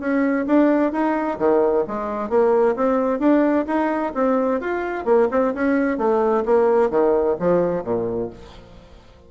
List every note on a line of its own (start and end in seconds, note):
0.00 0.46 C#4
0.47 0.92 D4
0.92 1.38 D#4
1.39 1.85 D#3
1.88 2.30 G#3
2.30 2.76 A#3
2.76 3.20 C4
3.20 3.66 D4
3.67 4.13 D#4
4.15 4.61 C4
4.61 5.05 F4
5.05 5.28 A#3
5.31 5.54 C4
5.55 5.98 C#4
5.98 6.44 A3
6.46 6.90 A#3
6.90 7.36 D#3
7.40 7.84 F3
7.84 8.30 A#2